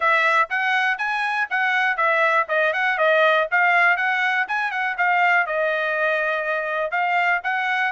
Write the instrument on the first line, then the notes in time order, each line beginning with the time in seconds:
trumpet
0.00 E5
0.49 F#5
0.98 G#5
1.50 F#5
1.97 E5
2.48 D#5
2.73 F#5
2.98 D#5
3.51 F5
3.96 F#5
4.48 G#5
4.71 F#5
4.97 F5
5.46 D#5
6.91 F5
7.43 F#5